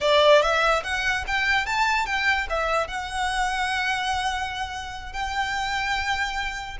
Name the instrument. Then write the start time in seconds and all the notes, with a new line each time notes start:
violin
0.01 D5
0.41 E5
0.83 F#5
1.27 G5
1.66 A5
2.05 G5
2.49 E5
2.87 F#5
5.12 G5